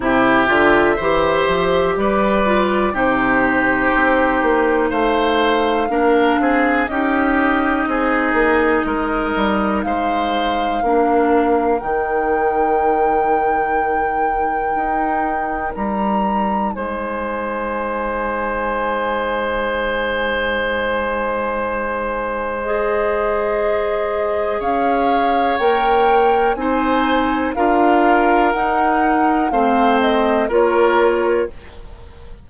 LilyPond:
<<
  \new Staff \with { instrumentName = "flute" } { \time 4/4 \tempo 4 = 61 e''2 d''4 c''4~ | c''4 f''2 dis''4~ | dis''2 f''2 | g''1 |
ais''4 gis''2.~ | gis''2. dis''4~ | dis''4 f''4 g''4 gis''4 | f''4 fis''4 f''8 dis''8 cis''4 | }
  \new Staff \with { instrumentName = "oboe" } { \time 4/4 g'4 c''4 b'4 g'4~ | g'4 c''4 ais'8 gis'8 g'4 | gis'4 ais'4 c''4 ais'4~ | ais'1~ |
ais'4 c''2.~ | c''1~ | c''4 cis''2 c''4 | ais'2 c''4 ais'4 | }
  \new Staff \with { instrumentName = "clarinet" } { \time 4/4 e'8 f'8 g'4. f'8 dis'4~ | dis'2 d'4 dis'4~ | dis'2. d'4 | dis'1~ |
dis'1~ | dis'2. gis'4~ | gis'2 ais'4 dis'4 | f'4 dis'4 c'4 f'4 | }
  \new Staff \with { instrumentName = "bassoon" } { \time 4/4 c8 d8 e8 f8 g4 c4 | c'8 ais8 a4 ais8 c'8 cis'4 | c'8 ais8 gis8 g8 gis4 ais4 | dis2. dis'4 |
g4 gis2.~ | gis1~ | gis4 cis'4 ais4 c'4 | d'4 dis'4 a4 ais4 | }
>>